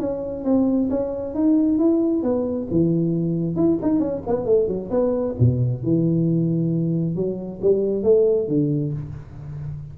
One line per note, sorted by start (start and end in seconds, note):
0.00 0.45 C#4
0.45 0.90 C4
0.91 1.35 C#4
1.35 1.79 D#4
1.79 2.23 E4
2.23 2.68 B3
2.71 3.56 E3
3.56 3.79 E4
3.82 4.00 D#4
4.00 4.22 C#4
4.27 4.46 B3
4.46 4.68 A3
4.68 4.90 F#3
4.91 5.35 B3
5.40 5.84 B2
5.84 7.16 E3
7.16 7.61 F#3
7.62 8.04 G3
8.04 8.48 A3
8.49 8.93 D3